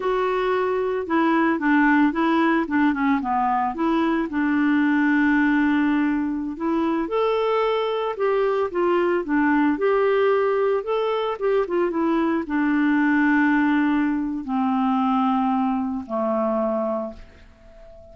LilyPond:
\new Staff \with { instrumentName = "clarinet" } { \time 4/4 \tempo 4 = 112 fis'2 e'4 d'4 | e'4 d'8 cis'8 b4 e'4 | d'1~ | d'16 e'4 a'2 g'8.~ |
g'16 f'4 d'4 g'4.~ g'16~ | g'16 a'4 g'8 f'8 e'4 d'8.~ | d'2. c'4~ | c'2 a2 | }